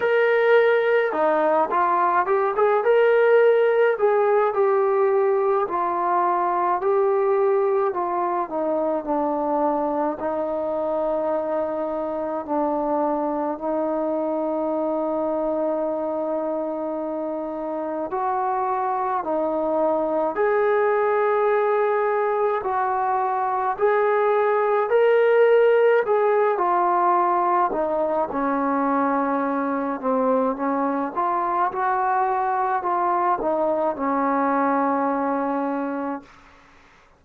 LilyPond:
\new Staff \with { instrumentName = "trombone" } { \time 4/4 \tempo 4 = 53 ais'4 dis'8 f'8 g'16 gis'16 ais'4 gis'8 | g'4 f'4 g'4 f'8 dis'8 | d'4 dis'2 d'4 | dis'1 |
fis'4 dis'4 gis'2 | fis'4 gis'4 ais'4 gis'8 f'8~ | f'8 dis'8 cis'4. c'8 cis'8 f'8 | fis'4 f'8 dis'8 cis'2 | }